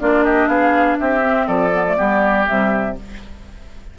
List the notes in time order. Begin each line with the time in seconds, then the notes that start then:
0.00 A#3 D4 F4 D5
0.24 G4 D#5
0.47 B3 G#4 F5
0.99 C4 G4 E5
1.22 C4
1.47 F3 A4 D5
1.72 B3
1.87 A3
1.97 G3 B3 G4
2.46 C3 G3 E5